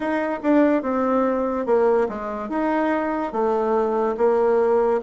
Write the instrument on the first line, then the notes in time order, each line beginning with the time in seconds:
bassoon
0.00 D#4
0.42 D4
0.82 C4
1.66 A#3
2.08 G#3
2.49 D#4
3.32 A3
4.17 A#3